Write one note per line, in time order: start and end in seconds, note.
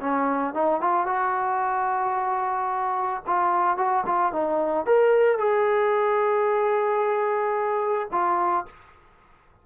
0.00 0.54 C#4
0.54 0.81 D#4
0.81 1.07 F4
1.07 3.23 F#4
3.27 3.77 F4
3.77 4.04 F#4
4.06 4.32 F4
4.32 4.86 D#4
4.86 5.38 A#4
5.38 8.09 G#4
8.12 8.66 F4